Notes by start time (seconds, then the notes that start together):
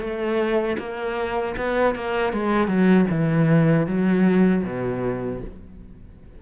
0.00 A3
0.79 A#3
1.57 B3
1.96 A#3
2.33 G#3
2.68 F#3
3.10 E3
3.87 F#3
4.64 B2